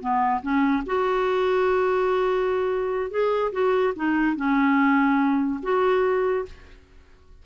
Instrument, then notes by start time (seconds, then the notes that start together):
clarinet
0.00 B3
0.42 C#4
0.86 F#4
3.11 G#4
3.52 F#4
3.96 D#4
4.36 C#4
5.63 F#4